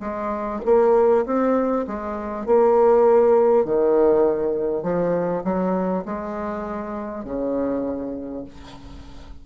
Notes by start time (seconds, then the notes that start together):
0.00 G#3
0.65 A#3
1.25 C4
1.87 G#3
2.46 A#3
3.64 D#3
4.83 F3
5.44 F#3
6.05 G#3
7.24 C#3